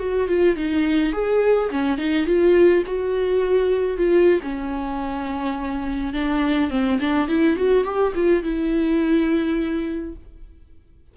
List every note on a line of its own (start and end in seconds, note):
0.00 0.29 F#4
0.29 0.57 F4
0.57 1.13 D#4
1.13 1.70 G#4
1.70 1.98 C#4
1.98 2.26 D#4
2.26 2.84 F4
2.87 3.98 F#4
3.98 4.41 F4
4.43 6.14 C#4
6.14 6.71 D4
6.71 6.99 C4
7.01 7.28 D4
7.28 7.57 E4
7.57 7.85 F#4
7.85 8.13 G4
8.15 8.43 F4
8.43 10.15 E4